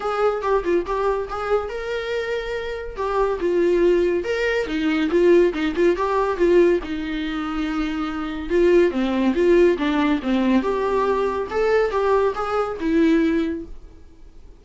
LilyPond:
\new Staff \with { instrumentName = "viola" } { \time 4/4 \tempo 4 = 141 gis'4 g'8 f'8 g'4 gis'4 | ais'2. g'4 | f'2 ais'4 dis'4 | f'4 dis'8 f'8 g'4 f'4 |
dis'1 | f'4 c'4 f'4 d'4 | c'4 g'2 a'4 | g'4 gis'4 e'2 | }